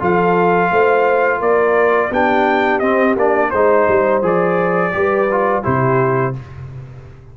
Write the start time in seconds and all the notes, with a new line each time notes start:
0.00 F3 F4 A4 F5
0.72 A3 C5
1.39 A#3 A#4 D5
2.11 B3 D4 G4 G5
2.80 C4 D#5
3.17 A#3 D4 D5
3.50 G#3 D#4 C5
3.89 G3
4.23 F3 G#4 D5
4.92 G3 G4 B4
5.32 F4
5.63 C3 E4 G4 C5